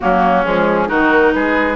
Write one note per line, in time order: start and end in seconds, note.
0.00 0.45 F#3
0.00 0.44 A#3
0.00 0.88 C#4
0.00 0.43 F#4
0.44 0.89 F3
0.44 0.86 G#3
0.44 0.88 G#4
0.86 1.34 D#3
0.86 1.75 D#4
0.86 1.32 F#4
0.86 1.32 A#4
1.33 1.76 G#3
1.33 1.76 G#4
1.33 1.76 B4